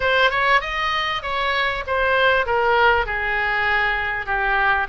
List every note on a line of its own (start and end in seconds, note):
0.00 0.30 C5
0.30 0.60 C#5
0.61 1.22 D#5
1.22 1.83 C#5
1.86 2.46 C5
2.46 3.06 A#4
3.06 4.26 G#4
4.26 4.87 G4